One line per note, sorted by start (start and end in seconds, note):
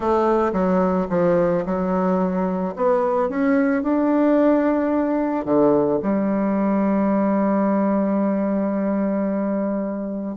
0.00 0.52 A3
0.52 1.07 F#3
1.09 1.64 F3
1.65 2.74 F#3
2.76 3.29 B3
3.29 3.82 C#4
3.82 5.45 D4
5.45 5.99 D3
6.02 10.36 G3